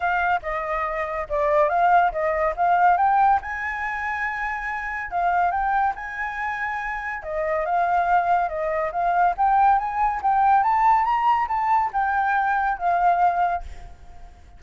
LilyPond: \new Staff \with { instrumentName = "flute" } { \time 4/4 \tempo 4 = 141 f''4 dis''2 d''4 | f''4 dis''4 f''4 g''4 | gis''1 | f''4 g''4 gis''2~ |
gis''4 dis''4 f''2 | dis''4 f''4 g''4 gis''4 | g''4 a''4 ais''4 a''4 | g''2 f''2 | }